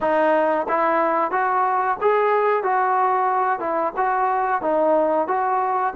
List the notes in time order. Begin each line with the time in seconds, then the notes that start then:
0.01 D#4
0.68 E4
1.31 F#4
2.01 G#4
2.63 F#4
3.59 E4
3.97 F#4
4.61 D#4
5.27 F#4